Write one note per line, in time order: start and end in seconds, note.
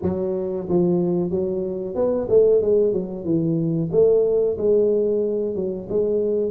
0.02 0.67 F#3
0.68 1.30 F3
1.30 1.95 F#3
1.95 2.27 B3
2.29 2.61 A3
2.61 2.92 G#3
2.92 3.24 F#3
3.24 3.90 E3
3.92 4.57 A3
4.57 5.55 G#3
5.55 5.88 F#3
5.89 6.51 G#3